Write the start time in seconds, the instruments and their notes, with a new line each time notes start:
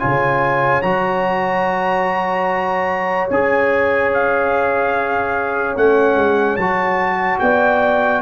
0.00 tuba C#3, trombone F4, horn C#5, trumpet G#5
0.83 tuba F#3, trombone F#4, trumpet A#5
3.30 tuba C#4, trombone G#4, trumpet G#5
4.14 trumpet F5
5.77 tuba A3, trombone C#4, trumpet F#5
6.16 tuba G#3
6.57 tuba F#3, trombone F#4, trumpet A5
7.40 tuba B3, horn D5, trumpet G5